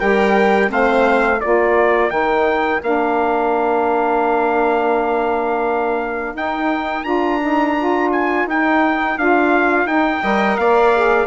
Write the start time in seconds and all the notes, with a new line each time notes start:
0.00 G3 G4 A#4 G5
0.68 A3 C4 C5 F5
1.37 F4 A#4 D5
1.46 A#3
2.10 D#3 D#4 G5
2.82 A#3 D4 F5
6.34 D#4 G5
7.04 D4 F4 A#5
7.42 D#4
7.79 F4
8.12 G#5
8.45 D#4 G5
9.18 D4 F4 F5
9.86 D#4 G5
10.23 G3 A#4 D#5
10.57 A#3 D5 F5
10.95 G#4